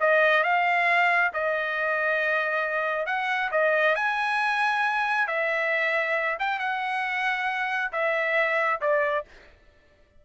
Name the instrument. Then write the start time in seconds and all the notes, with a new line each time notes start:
trumpet
0.00 D#5
0.43 F5
1.33 D#5
3.06 F#5
3.51 D#5
3.95 G#5
5.27 E5
6.39 G5
6.59 F#5
7.92 E5
8.81 D5